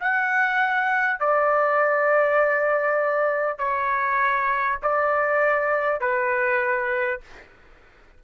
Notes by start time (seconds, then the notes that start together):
0.00 F#5
1.20 D5
3.58 C#5
4.83 D5
6.01 B4